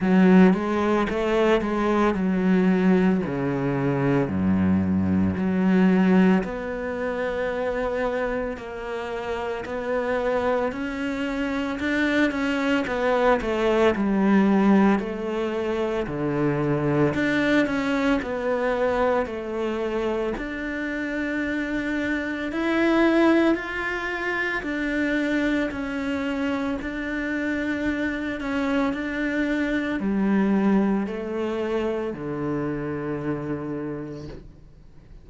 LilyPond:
\new Staff \with { instrumentName = "cello" } { \time 4/4 \tempo 4 = 56 fis8 gis8 a8 gis8 fis4 cis4 | fis,4 fis4 b2 | ais4 b4 cis'4 d'8 cis'8 | b8 a8 g4 a4 d4 |
d'8 cis'8 b4 a4 d'4~ | d'4 e'4 f'4 d'4 | cis'4 d'4. cis'8 d'4 | g4 a4 d2 | }